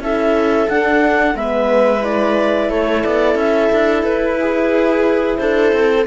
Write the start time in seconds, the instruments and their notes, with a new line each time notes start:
0.00 cello C#4, horn E4, viola A4, clarinet E5
0.70 horn D4, cello D4, clarinet F#5
1.35 cello G#3, horn B3, viola B4, clarinet E5
2.01 horn E4, clarinet D5
2.70 cello A3, viola A4, clarinet C#5
3.04 cello B3, clarinet D5
3.35 cello C#4, clarinet E5
3.73 cello D4
4.03 cello E4, clarinet B4
4.40 viola G#4
5.37 cello D4, viola A4, clarinet C5
5.73 cello C4